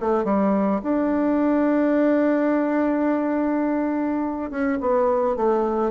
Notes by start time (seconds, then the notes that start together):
0.00 A3
0.24 G3
0.83 D4
4.50 C#4
4.80 B3
5.36 A3